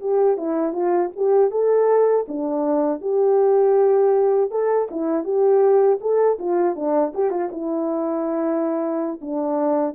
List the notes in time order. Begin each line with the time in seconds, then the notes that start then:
0.00 G4
0.37 E4
0.72 F4
1.16 G4
1.50 A4
2.28 D4
3.01 G4
4.51 A4
4.91 E4
5.24 G4
6.00 A4
6.38 F4
6.75 D4
7.14 G4
7.30 F4
7.51 E4
9.21 D4